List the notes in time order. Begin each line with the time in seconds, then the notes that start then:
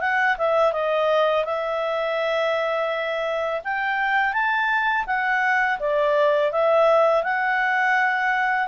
0.00 F#5
0.37 E5
0.73 D#5
1.44 E5
3.64 G5
4.32 A5
5.06 F#5
5.79 D5
6.52 E5
7.23 F#5